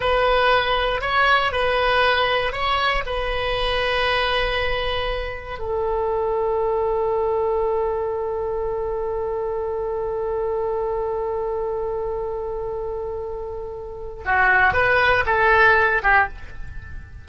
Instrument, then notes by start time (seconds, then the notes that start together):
oboe
0.00 B4
1.01 C#5
1.52 B4
2.52 C#5
3.06 B4
5.59 A4
14.25 F#4
14.73 B4
15.25 A4
16.02 G4